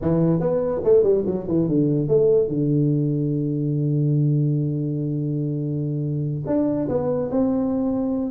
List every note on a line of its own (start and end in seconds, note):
0.01 0.40 E3
0.40 0.81 B3
0.84 1.03 A3
1.03 1.24 G3
1.25 1.46 F#3
1.48 1.68 E3
1.68 2.08 D3
2.08 2.48 A3
2.48 6.44 D3
6.46 6.88 D4
6.88 7.30 B3
7.30 8.31 C4